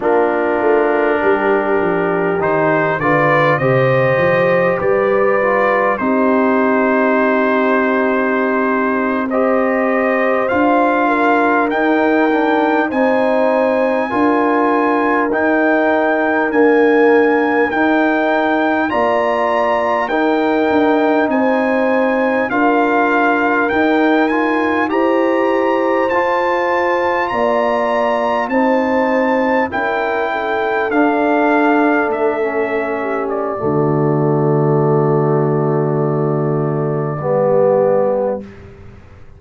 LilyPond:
<<
  \new Staff \with { instrumentName = "trumpet" } { \time 4/4 \tempo 4 = 50 ais'2 c''8 d''8 dis''4 | d''4 c''2~ c''8. dis''16~ | dis''8. f''4 g''4 gis''4~ gis''16~ | gis''8. g''4 gis''4 g''4 ais''16~ |
ais''8. g''4 gis''4 f''4 g''16~ | g''16 gis''8 ais''4 a''4 ais''4 a''16~ | a''8. g''4 f''4 e''4 d''16~ | d''1 | }
  \new Staff \with { instrumentName = "horn" } { \time 4/4 f'4 g'4. b'8 c''4 | b'4 g'2~ g'8. c''16~ | c''4~ c''16 ais'4. c''4 ais'16~ | ais'2.~ ais'8. d''16~ |
d''8. ais'4 c''4 ais'4~ ais'16~ | ais'8. c''2 d''4 c''16~ | c''8. ais'8 a'2~ a'16 g'8 | fis'2. g'4 | }
  \new Staff \with { instrumentName = "trombone" } { \time 4/4 d'2 dis'8 f'8 g'4~ | g'8 f'8 dis'2~ dis'8. g'16~ | g'8. f'4 dis'8 d'8 dis'4 f'16~ | f'8. dis'4 ais4 dis'4 f'16~ |
f'8. dis'2 f'4 dis'16~ | dis'16 f'8 g'4 f'2 dis'16~ | dis'8. e'4 d'4~ d'16 cis'4 | a2. b4 | }
  \new Staff \with { instrumentName = "tuba" } { \time 4/4 ais8 a8 g8 f8 dis8 d8 c8 f8 | g4 c'2.~ | c'8. d'4 dis'4 c'4 d'16~ | d'8. dis'4 d'4 dis'4 ais16~ |
ais8. dis'8 d'8 c'4 d'4 dis'16~ | dis'8. e'4 f'4 ais4 c'16~ | c'8. cis'4 d'4 a4~ a16 | d2. g4 | }
>>